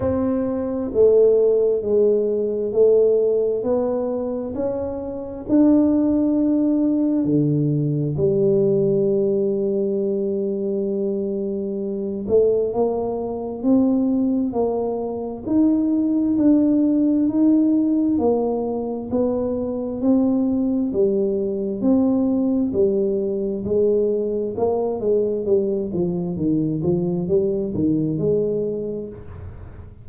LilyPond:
\new Staff \with { instrumentName = "tuba" } { \time 4/4 \tempo 4 = 66 c'4 a4 gis4 a4 | b4 cis'4 d'2 | d4 g2.~ | g4. a8 ais4 c'4 |
ais4 dis'4 d'4 dis'4 | ais4 b4 c'4 g4 | c'4 g4 gis4 ais8 gis8 | g8 f8 dis8 f8 g8 dis8 gis4 | }